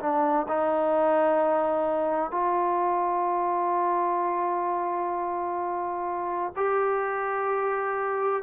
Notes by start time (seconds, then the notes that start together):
0.00 D4
0.49 D#4
2.31 F4
6.57 G4